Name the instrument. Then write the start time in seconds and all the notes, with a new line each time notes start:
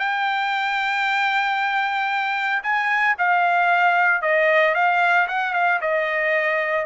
trumpet
0.00 G5
2.63 G#5
3.19 F5
4.22 D#5
4.75 F5
5.28 F#5
5.54 F5
5.81 D#5